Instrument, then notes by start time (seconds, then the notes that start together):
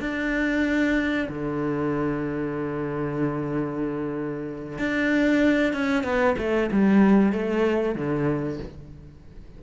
cello
0.00 D4
1.29 D3
4.78 D4
5.73 C#4
6.03 B3
6.38 A3
6.72 G3
7.32 A3
7.95 D3